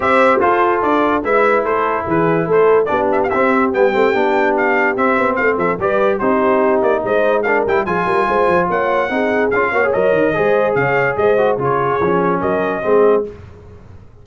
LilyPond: <<
  \new Staff \with { instrumentName = "trumpet" } { \time 4/4 \tempo 4 = 145 e''4 c''4 d''4 e''4 | c''4 b'4 c''4 d''8 e''16 f''16 | e''4 g''2 f''4 | e''4 f''8 e''8 d''4 c''4~ |
c''8 d''8 dis''4 f''8 g''8 gis''4~ | gis''4 fis''2 f''4 | dis''2 f''4 dis''4 | cis''2 dis''2 | }
  \new Staff \with { instrumentName = "horn" } { \time 4/4 c''4 a'2 b'4 | a'4 gis'4 a'4 g'4~ | g'1~ | g'4 c''8 a'8 b'4 g'4~ |
g'4 c''4 ais'4 gis'8 ais'8 | c''4 cis''4 gis'4. cis''8~ | cis''4 c''4 cis''4 c''4 | gis'2 ais'4 gis'4 | }
  \new Staff \with { instrumentName = "trombone" } { \time 4/4 g'4 f'2 e'4~ | e'2. d'4 | c'4 b8 c'8 d'2 | c'2 g'4 dis'4~ |
dis'2 d'8 e'8 f'4~ | f'2 dis'4 f'8 fis'16 gis'16 | ais'4 gis'2~ gis'8 fis'8 | f'4 cis'2 c'4 | }
  \new Staff \with { instrumentName = "tuba" } { \time 4/4 c'4 f'4 d'4 gis4 | a4 e4 a4 b4 | c'4 g8 a8 b2 | c'8 b8 a8 f8 g4 c'4~ |
c'8 ais8 gis4. g8 f8 g8 | gis8 f8 ais4 c'4 cis'8 ais8 | fis8 dis8 gis4 cis4 gis4 | cis4 f4 fis4 gis4 | }
>>